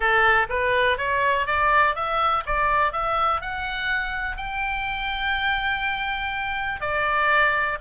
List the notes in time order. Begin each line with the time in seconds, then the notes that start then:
0.00 A4
0.49 B4
0.97 C#5
1.46 D5
1.95 E5
2.45 D5
2.92 E5
3.41 F#5
4.36 G5
6.80 D5